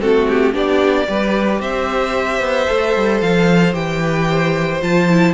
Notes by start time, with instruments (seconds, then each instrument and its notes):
0.00 cello A3, viola C4, violin F#4 A4
0.28 violin G4
0.53 cello B3, viola D4, violin G4 D5
1.08 cello G3, viola G4, violin B4
1.60 cello C4, violin C5 E5
2.40 cello B3
2.67 cello A3, viola A4
2.96 cello G3
3.21 cello F3, violin F5
3.74 cello E3, viola G4, violin G5
4.01 violin B4
4.30 violin C5
4.82 cello F3, viola F4, violin A5
5.09 viola E4